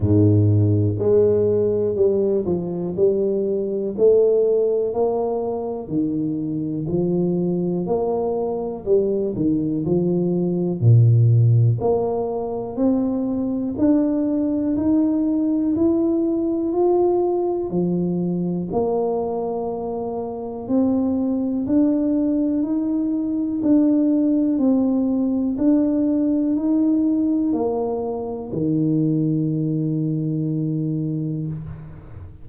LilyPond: \new Staff \with { instrumentName = "tuba" } { \time 4/4 \tempo 4 = 61 gis,4 gis4 g8 f8 g4 | a4 ais4 dis4 f4 | ais4 g8 dis8 f4 ais,4 | ais4 c'4 d'4 dis'4 |
e'4 f'4 f4 ais4~ | ais4 c'4 d'4 dis'4 | d'4 c'4 d'4 dis'4 | ais4 dis2. | }